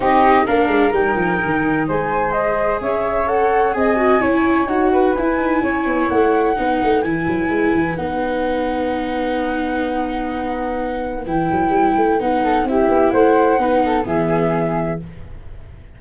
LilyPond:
<<
  \new Staff \with { instrumentName = "flute" } { \time 4/4 \tempo 4 = 128 dis''4 f''4 g''2 | gis''4 dis''4 e''4 fis''4 | gis''2 fis''4 gis''4~ | gis''4 fis''2 gis''4~ |
gis''4 fis''2.~ | fis''1 | g''2 fis''4 e''4 | fis''2 e''2 | }
  \new Staff \with { instrumentName = "flute" } { \time 4/4 g'4 ais'2. | c''2 cis''2 | dis''4 cis''4. b'4. | cis''2 b'2~ |
b'1~ | b'1~ | b'2~ b'8 a'8 g'4 | c''4 b'8 a'8 gis'2 | }
  \new Staff \with { instrumentName = "viola" } { \time 4/4 dis'4 d'4 dis'2~ | dis'4 gis'2 a'4 | gis'8 fis'8 e'4 fis'4 e'4~ | e'2 dis'4 e'4~ |
e'4 dis'2.~ | dis'1 | e'2 dis'4 e'4~ | e'4 dis'4 b2 | }
  \new Staff \with { instrumentName = "tuba" } { \time 4/4 c'4 ais8 gis8 g8 f8 dis4 | gis2 cis'2 | c'4 cis'4 dis'4 e'8 dis'8 | cis'8 b8 a4 b8 a8 e8 fis8 |
gis8 e8 b2.~ | b1 | e8 fis8 g8 a8 b4 c'8 b8 | a4 b4 e2 | }
>>